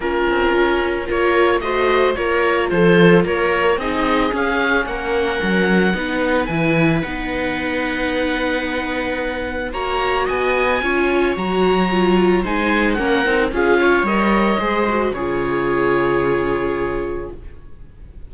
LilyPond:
<<
  \new Staff \with { instrumentName = "oboe" } { \time 4/4 \tempo 4 = 111 ais'2 cis''4 dis''4 | cis''4 c''4 cis''4 dis''4 | f''4 fis''2. | gis''4 fis''2.~ |
fis''2 ais''4 gis''4~ | gis''4 ais''2 gis''4 | fis''4 f''4 dis''2 | cis''1 | }
  \new Staff \with { instrumentName = "viola" } { \time 4/4 f'2 ais'4 c''4 | ais'4 a'4 ais'4 gis'4~ | gis'4 ais'2 b'4~ | b'1~ |
b'2 cis''4 dis''4 | cis''2. c''4 | ais'4 gis'8 cis''4. c''4 | gis'1 | }
  \new Staff \with { instrumentName = "viola" } { \time 4/4 cis'2 f'4 fis'4 | f'2. dis'4 | cis'2. dis'4 | e'4 dis'2.~ |
dis'2 fis'2 | f'4 fis'4 f'4 dis'4 | cis'8 dis'8 f'4 ais'4 gis'8 fis'8 | f'1 | }
  \new Staff \with { instrumentName = "cello" } { \time 4/4 ais8 c'8 cis'4 ais4 a4 | ais4 f4 ais4 c'4 | cis'4 ais4 fis4 b4 | e4 b2.~ |
b2 ais4 b4 | cis'4 fis2 gis4 | ais8 c'8 cis'4 g4 gis4 | cis1 | }
>>